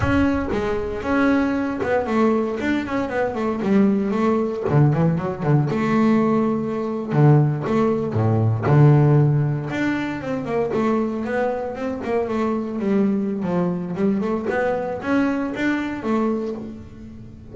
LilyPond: \new Staff \with { instrumentName = "double bass" } { \time 4/4 \tempo 4 = 116 cis'4 gis4 cis'4. b8 | a4 d'8 cis'8 b8 a8 g4 | a4 d8 e8 fis8 d8 a4~ | a4.~ a16 d4 a4 a,16~ |
a,8. d2 d'4 c'16~ | c'16 ais8 a4 b4 c'8 ais8 a16~ | a8. g4~ g16 f4 g8 a8 | b4 cis'4 d'4 a4 | }